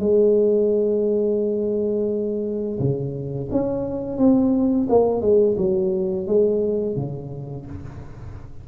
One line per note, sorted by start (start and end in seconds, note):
0.00 2.79 G#3
2.79 3.49 C#3
3.52 4.18 C#4
4.18 4.88 C4
4.90 5.22 A#3
5.22 5.57 G#3
5.58 6.28 F#3
6.28 6.97 G#3
6.97 7.66 C#3